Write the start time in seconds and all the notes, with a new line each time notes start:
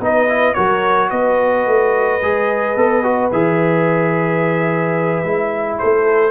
0.00 B3 D#4 B4 D#5
0.29 E4
0.55 F#3 F#4 A#4 C#5
1.10 B3 B4 D#5
1.67 A3
2.22 G#3 G#4
2.76 B3 A4
3.04 F#4
3.32 E3 G#4 E5
5.24 G#3 E4
5.79 A3 A4 C5